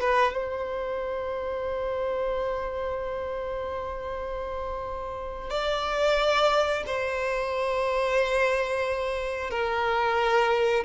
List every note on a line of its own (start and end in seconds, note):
0.00 0.33 B4
0.33 5.50 C5
5.50 6.83 D5
6.86 9.50 C5
9.50 10.83 A#4